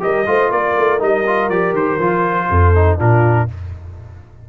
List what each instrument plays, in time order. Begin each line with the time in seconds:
0.00 tuba G3, trombone G4, horn A#4, trumpet D#5
0.27 tuba A3, trombone F4, horn C5
0.51 tuba A#3, horn A#4, trumpet D5
0.77 tuba A3
0.99 tuba G3, trombone D#4, trumpet D#5
1.27 trombone F4
1.49 tuba F3, trombone G4, trumpet D5
1.73 tuba D#3, trumpet C5
1.99 tuba F3, trombone F4
2.50 tuba F2, horn A4
2.75 trombone D#4
2.99 tuba A#2, trombone D4, horn F4, trumpet A#4